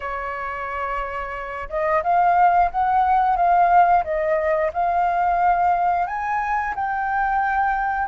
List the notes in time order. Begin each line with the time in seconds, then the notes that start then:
0.00 C#5
1.69 D#5
2.03 F5
2.71 F#5
3.36 F5
4.04 D#5
4.73 F5
6.06 G#5
6.75 G5